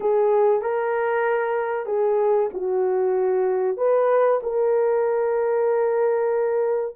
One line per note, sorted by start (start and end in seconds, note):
0.00 0.61 G#4
0.61 1.86 A#4
1.86 2.49 G#4
2.53 3.77 F#4
3.77 4.40 B4
4.42 6.95 A#4